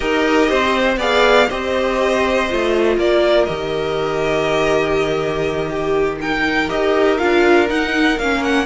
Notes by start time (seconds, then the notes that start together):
0.00 D#4 G4 A#4 D#5
0.49 C4 C5
0.96 B3 G#4 D5 F5
1.48 C4 G4 C5 D#5
2.49 A3 F4
2.97 A#3 A#4 D5
3.45 D#3 G4 D#5
5.69 G4
6.21 D#4 A#4 G5
6.68 D#4 G4 D#5
7.18 D4 F4 F5
7.67 D#4 F#5
8.18 A#3 C#4 F5
8.43 F#5